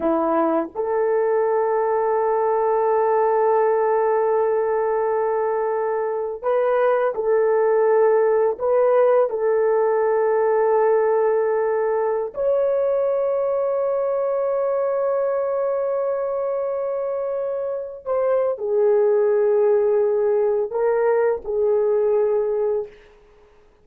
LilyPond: \new Staff \with { instrumentName = "horn" } { \time 4/4 \tempo 4 = 84 e'4 a'2.~ | a'1~ | a'4 b'4 a'2 | b'4 a'2.~ |
a'4~ a'16 cis''2~ cis''8.~ | cis''1~ | cis''4~ cis''16 c''8. gis'2~ | gis'4 ais'4 gis'2 | }